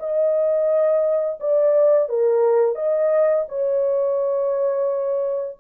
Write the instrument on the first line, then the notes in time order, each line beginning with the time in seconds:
horn
0.00 D#5
1.40 D5
2.09 A#4
2.76 D#5
3.49 C#5